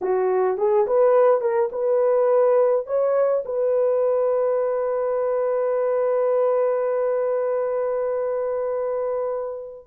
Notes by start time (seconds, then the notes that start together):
0.01 F#4
0.57 G#4
0.86 B4
1.41 A#4
1.72 B4
2.86 C#5
3.45 B4